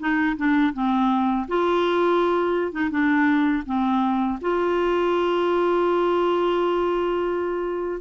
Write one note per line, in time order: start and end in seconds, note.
0.00 0.37 D#4
0.37 0.74 D4
0.74 1.47 C4
1.48 2.72 F4
2.72 2.91 D#4
2.91 3.64 D4
3.67 4.40 C4
4.41 8.01 F4